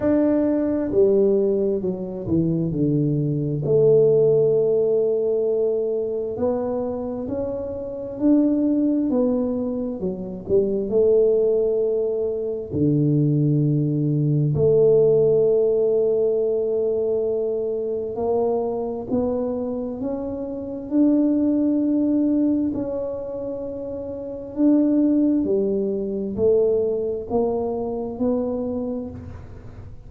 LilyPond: \new Staff \with { instrumentName = "tuba" } { \time 4/4 \tempo 4 = 66 d'4 g4 fis8 e8 d4 | a2. b4 | cis'4 d'4 b4 fis8 g8 | a2 d2 |
a1 | ais4 b4 cis'4 d'4~ | d'4 cis'2 d'4 | g4 a4 ais4 b4 | }